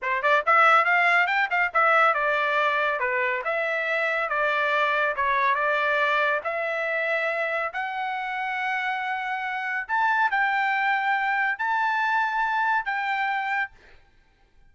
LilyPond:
\new Staff \with { instrumentName = "trumpet" } { \time 4/4 \tempo 4 = 140 c''8 d''8 e''4 f''4 g''8 f''8 | e''4 d''2 b'4 | e''2 d''2 | cis''4 d''2 e''4~ |
e''2 fis''2~ | fis''2. a''4 | g''2. a''4~ | a''2 g''2 | }